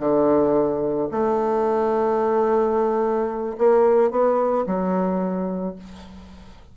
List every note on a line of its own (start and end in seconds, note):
0.00 1.09 D3
1.11 3.57 A3
3.59 4.11 A#3
4.11 4.66 B3
4.67 5.76 F#3